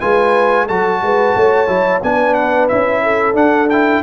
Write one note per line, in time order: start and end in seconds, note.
0.00 0.69 G#3
0.00 0.67 F4
0.00 0.65 B4
0.00 0.67 G#5
0.65 1.02 F#3
0.65 1.67 F#4
0.65 0.99 A4
0.65 2.01 A5
1.02 1.35 G#3
1.02 1.36 B4
1.35 1.67 A3
1.35 2.03 C#5
1.67 2.01 F#3
1.67 2.00 E4
2.02 2.70 B3
2.02 2.70 D4
2.02 3.02 B4
2.02 2.34 G#5
2.34 2.67 F#5
2.68 3.34 C#4
2.68 3.33 E4
2.68 3.35 E5
3.02 4.02 A4
3.33 3.67 D4
3.33 4.01 D4
3.33 3.69 F#5
3.69 4.02 E4
3.69 4.02 G5